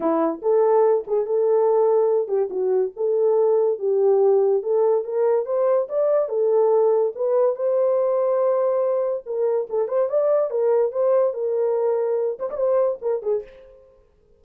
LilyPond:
\new Staff \with { instrumentName = "horn" } { \time 4/4 \tempo 4 = 143 e'4 a'4. gis'8 a'4~ | a'4. g'8 fis'4 a'4~ | a'4 g'2 a'4 | ais'4 c''4 d''4 a'4~ |
a'4 b'4 c''2~ | c''2 ais'4 a'8 c''8 | d''4 ais'4 c''4 ais'4~ | ais'4. c''16 d''16 c''4 ais'8 gis'8 | }